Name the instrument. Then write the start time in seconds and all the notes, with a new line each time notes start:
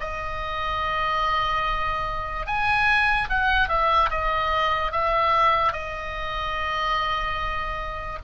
oboe
0.00 D#5
2.47 G#5
3.30 F#5
3.69 E5
4.10 D#5
4.92 E5
5.72 D#5